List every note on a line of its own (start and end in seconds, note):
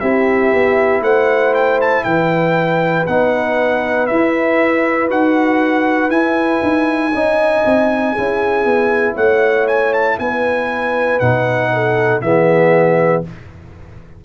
0.00 0.53 C4
0.00 3.06 E4
0.00 1.03 G4
0.00 1.02 E5
0.53 1.01 B3
1.01 2.03 A3
1.01 2.05 C5
1.01 1.54 F#5
1.54 1.80 G5
1.81 2.04 A5
2.04 3.07 E3
2.04 7.14 B4
2.04 3.06 G5
3.07 4.10 B3
3.07 4.10 D#4
3.07 4.07 F#5
4.07 5.09 E4
4.07 5.10 E4
4.07 5.08 E5
5.09 6.10 D#4
5.09 6.10 F#4
5.09 6.10 F#5
6.10 6.61 E4
6.10 7.12 E4
6.10 9.15 G#5
6.62 7.13 D#4
7.13 7.64 C#4
7.13 8.17 D#4
7.13 8.13 D#5
7.65 8.16 C4
8.13 8.65 C#4
8.13 11.20 E4
8.13 9.14 G#4
8.65 9.16 B3
9.15 10.18 A3
9.15 10.17 C#5
9.15 9.67 F#5
9.68 9.93 G#5
9.93 10.18 A5
10.19 11.20 B3
10.19 11.72 B4
10.19 11.19 G#5
11.19 12.22 B2
11.19 12.22 D#4
11.19 12.21 F#5
11.73 12.23 A4
12.21 13.24 E3
12.21 13.24 B3
12.21 13.25 G#4
12.21 13.23 E5